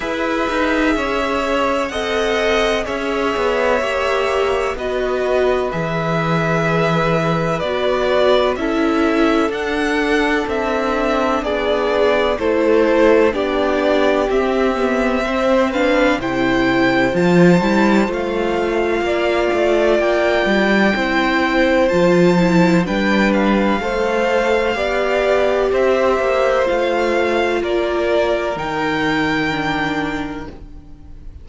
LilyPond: <<
  \new Staff \with { instrumentName = "violin" } { \time 4/4 \tempo 4 = 63 e''2 fis''4 e''4~ | e''4 dis''4 e''2 | d''4 e''4 fis''4 e''4 | d''4 c''4 d''4 e''4~ |
e''8 f''8 g''4 a''4 f''4~ | f''4 g''2 a''4 | g''8 f''2~ f''8 e''4 | f''4 d''4 g''2 | }
  \new Staff \with { instrumentName = "violin" } { \time 4/4 b'4 cis''4 dis''4 cis''4~ | cis''4 b'2.~ | b'4 a'2. | gis'4 a'4 g'2 |
c''8 b'8 c''2. | d''2 c''2 | b'4 c''4 d''4 c''4~ | c''4 ais'2. | }
  \new Staff \with { instrumentName = "viola" } { \time 4/4 gis'2 a'4 gis'4 | g'4 fis'4 gis'2 | fis'4 e'4 d'2~ | d'4 e'4 d'4 c'8 b8 |
c'8 d'8 e'4 f'8 e'8 f'4~ | f'2 e'4 f'8 e'8 | d'4 a'4 g'2 | f'2 dis'4 d'4 | }
  \new Staff \with { instrumentName = "cello" } { \time 4/4 e'8 dis'8 cis'4 c'4 cis'8 b8 | ais4 b4 e2 | b4 cis'4 d'4 c'4 | b4 a4 b4 c'4~ |
c'4 c4 f8 g8 a4 | ais8 a8 ais8 g8 c'4 f4 | g4 a4 b4 c'8 ais8 | a4 ais4 dis2 | }
>>